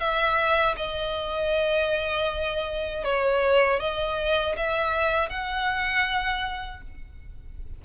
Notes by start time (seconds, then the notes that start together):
0.00 E5
0.77 D#5
3.05 C#5
3.80 D#5
4.57 E5
5.30 F#5